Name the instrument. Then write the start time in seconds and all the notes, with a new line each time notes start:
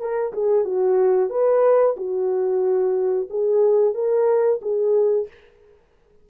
horn
0.00 A#4
0.33 G#4
0.65 F#4
1.30 B4
1.97 F#4
3.30 G#4
3.94 A#4
4.62 G#4